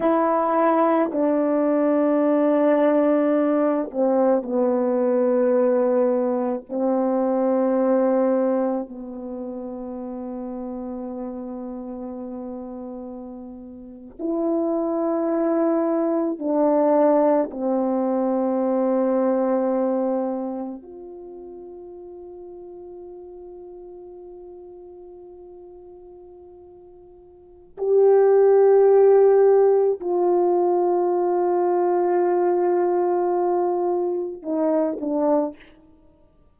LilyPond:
\new Staff \with { instrumentName = "horn" } { \time 4/4 \tempo 4 = 54 e'4 d'2~ d'8 c'8 | b2 c'2 | b1~ | b8. e'2 d'4 c'16~ |
c'2~ c'8. f'4~ f'16~ | f'1~ | f'4 g'2 f'4~ | f'2. dis'8 d'8 | }